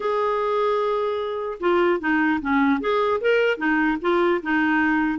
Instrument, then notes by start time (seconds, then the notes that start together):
clarinet
0.00 G#4
1.60 F4
2.00 D#4
2.41 C#4
2.80 G#4
3.20 A#4
3.57 D#4
4.01 F4
4.42 D#4